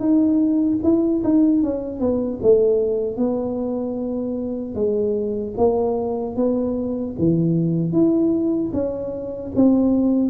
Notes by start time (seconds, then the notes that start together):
0.00 D#4
0.84 E4
1.24 D#4
1.63 C#4
2.00 B3
2.43 A3
3.17 B3
4.75 G#3
5.58 A#3
6.36 B3
7.19 E3
7.92 E4
8.73 C#4
9.55 C4